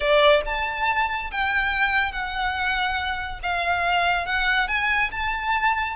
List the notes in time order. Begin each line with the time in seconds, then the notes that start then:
0.00 D5
0.45 A5
1.31 G5
2.12 F#5
3.43 F5
4.26 F#5
4.68 G#5
5.11 A5